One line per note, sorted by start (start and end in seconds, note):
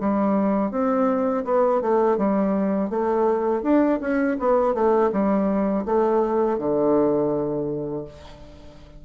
0.00 0.72 G3
0.72 1.45 C4
1.45 1.82 B3
1.82 2.18 A3
2.18 2.90 G3
2.90 3.63 A3
3.63 3.99 D4
4.01 4.37 C#4
4.40 4.74 B3
4.74 5.11 A3
5.13 5.86 G3
5.86 6.59 A3
6.59 8.05 D3